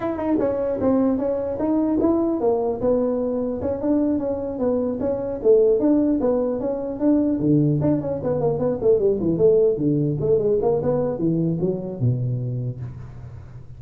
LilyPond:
\new Staff \with { instrumentName = "tuba" } { \time 4/4 \tempo 4 = 150 e'8 dis'8 cis'4 c'4 cis'4 | dis'4 e'4 ais4 b4~ | b4 cis'8 d'4 cis'4 b8~ | b8 cis'4 a4 d'4 b8~ |
b8 cis'4 d'4 d4 d'8 | cis'8 b8 ais8 b8 a8 g8 e8 a8~ | a8 d4 a8 gis8 ais8 b4 | e4 fis4 b,2 | }